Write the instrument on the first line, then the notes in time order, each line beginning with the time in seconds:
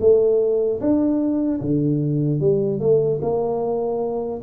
tuba
0.00 A3
0.80 D4
1.61 D3
2.40 G3
2.80 A3
3.21 A#3